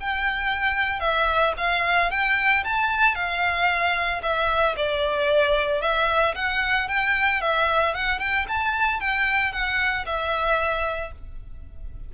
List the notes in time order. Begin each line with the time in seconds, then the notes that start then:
0.00 G5
1.00 E5
1.57 F5
2.11 G5
2.64 A5
3.15 F5
4.22 E5
4.77 D5
5.81 E5
6.35 F#5
6.88 G5
7.41 E5
7.94 F#5
8.19 G5
8.48 A5
9.00 G5
9.52 F#5
10.05 E5